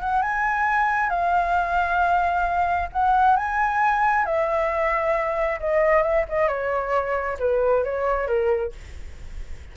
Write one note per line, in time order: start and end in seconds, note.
0.00 0.22 F#5
0.22 1.09 G#5
1.09 2.88 F5
2.92 3.36 F#5
3.36 4.25 G#5
4.25 5.59 E5
5.59 6.02 D#5
6.02 6.25 E5
6.28 6.48 D#5
6.48 7.37 C#5
7.39 7.84 B4
7.84 8.27 C#5
8.27 8.72 A#4